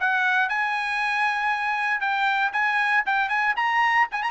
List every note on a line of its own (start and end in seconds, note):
0.00 0.49 F#5
0.49 2.01 G#5
2.01 2.52 G5
2.53 3.04 G#5
3.06 3.29 G5
3.29 3.55 G#5
3.57 4.08 A#5
4.12 4.23 G#5
4.23 4.31 A#5